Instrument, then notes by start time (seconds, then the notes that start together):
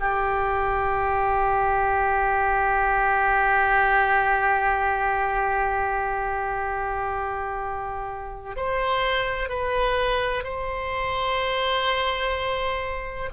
oboe
0.00 G4
8.56 C5
9.49 B4
10.44 C5